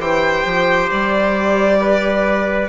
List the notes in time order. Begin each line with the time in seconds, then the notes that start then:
0.00 E3 G4 C5 G5
0.45 F3
0.92 G3 D5
1.81 B4